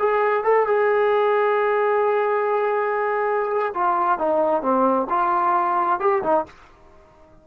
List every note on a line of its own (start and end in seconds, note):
0.00 0.44 G#4
0.44 0.67 A4
0.67 3.74 G#4
3.75 4.19 F4
4.19 4.63 D#4
4.63 5.08 C4
5.10 6.00 F4
6.00 6.23 G4
6.24 6.46 D#4